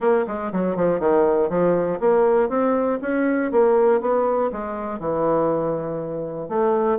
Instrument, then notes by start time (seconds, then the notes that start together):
bassoon
0.00 A#3
0.27 G#3
0.52 F#3
0.75 F3
0.99 D#3
1.49 F3
2.00 A#3
2.49 C4
3.01 C#4
3.51 A#3
4.00 B3
4.52 G#3
4.99 E3
6.49 A3